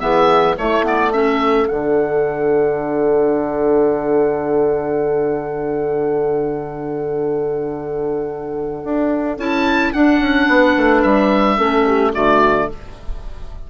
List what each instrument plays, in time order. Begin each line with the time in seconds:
0.00 bassoon E3, clarinet B3, horn G#4, oboe E5
0.57 bassoon A3, clarinet A3, horn E4, oboe C#5
0.83 clarinet B3, oboe D5
1.13 clarinet C#4, horn A4, oboe E5
1.68 bassoon D3, clarinet D4, oboe F#5
8.84 bassoon D4
9.37 bassoon C#4, clarinet E4, oboe A5
9.93 clarinet D4, bassoon D4, oboe F#5
10.19 bassoon C#4
10.47 bassoon B3, horn B4
10.77 bassoon A3
11.02 bassoon G3, oboe E5
11.57 bassoon A3, clarinet C#4, horn A4
11.86 horn G4
12.14 bassoon D3, clarinet A3, horn F#4, oboe D5